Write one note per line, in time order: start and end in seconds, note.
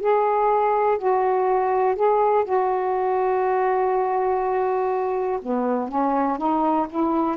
0.00 0.98 G#4
0.98 1.95 F#4
1.95 2.44 G#4
2.44 5.39 F#4
5.41 5.88 B3
5.88 6.38 C#4
6.38 6.87 D#4
6.89 7.36 E4